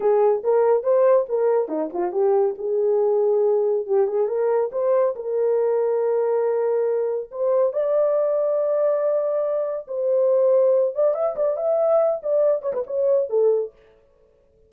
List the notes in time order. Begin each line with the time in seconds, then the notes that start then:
0.00 G#4
0.43 A#4
0.83 C5
1.28 A#4
1.68 D#4
1.93 F4
2.12 G4
2.58 G#4
3.86 G4
4.07 G#4
4.27 A#4
4.71 C5
5.15 A#4
7.31 C5
7.72 D5
9.87 C5
10.94 D5
11.14 E5
11.36 D5
11.56 E5
12.23 D5
12.62 C#5
12.73 B4
12.86 C#5
13.29 A4